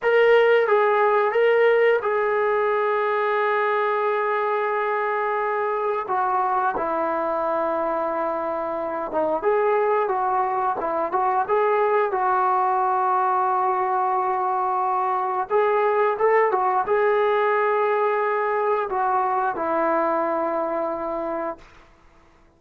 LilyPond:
\new Staff \with { instrumentName = "trombone" } { \time 4/4 \tempo 4 = 89 ais'4 gis'4 ais'4 gis'4~ | gis'1~ | gis'4 fis'4 e'2~ | e'4. dis'8 gis'4 fis'4 |
e'8 fis'8 gis'4 fis'2~ | fis'2. gis'4 | a'8 fis'8 gis'2. | fis'4 e'2. | }